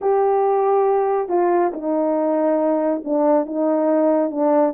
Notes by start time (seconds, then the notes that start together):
0.01 G4
1.28 F4
1.73 D#4
3.04 D4
3.46 D#4
4.30 D4